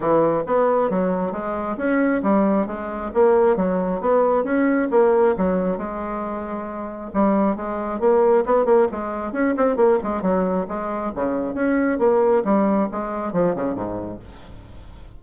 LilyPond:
\new Staff \with { instrumentName = "bassoon" } { \time 4/4 \tempo 4 = 135 e4 b4 fis4 gis4 | cis'4 g4 gis4 ais4 | fis4 b4 cis'4 ais4 | fis4 gis2. |
g4 gis4 ais4 b8 ais8 | gis4 cis'8 c'8 ais8 gis8 fis4 | gis4 cis4 cis'4 ais4 | g4 gis4 f8 cis8 gis,4 | }